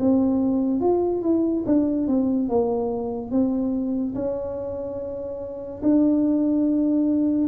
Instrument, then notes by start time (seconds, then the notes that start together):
tuba
0.00 C4
0.81 F4
1.23 E4
1.66 D4
2.08 C4
2.49 A#3
3.31 C4
4.16 C#4
5.83 D4